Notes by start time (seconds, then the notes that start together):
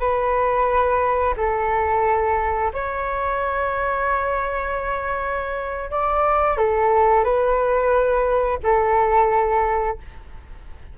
0.00 B4
1.38 A4
2.74 C#5
5.91 D5
6.58 A4
7.24 B4
8.64 A4